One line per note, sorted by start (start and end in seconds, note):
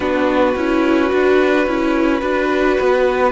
0.00 0.55 B3
0.00 0.55 D4
0.00 2.20 F#4
0.00 3.32 B4
0.56 1.12 C#4
0.56 1.10 E4
1.10 1.66 D4
1.10 1.65 F#4
1.66 2.22 C#4
1.66 2.21 E4
2.20 2.77 D4
2.20 3.32 F#4
2.20 3.31 B4
2.80 3.32 B3